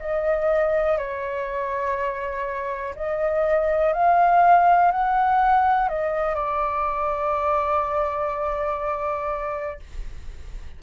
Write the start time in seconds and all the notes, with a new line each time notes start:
0.00 D#5
0.98 C#5
2.96 D#5
3.93 F5
4.91 F#5
5.89 D#5
6.35 D5